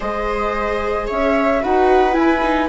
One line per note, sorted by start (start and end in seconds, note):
0.00 1.09 G#3
0.00 1.60 G#4
0.00 1.07 C5
0.00 1.08 D#5
1.07 1.64 C#4
1.07 1.61 C#5
1.07 1.63 E5
1.62 2.16 D#4
1.62 2.12 F#4
1.62 2.68 B4
1.62 2.14 F#5
2.12 2.39 E4
2.12 2.68 E4
2.12 2.68 G#5
2.43 2.68 D#4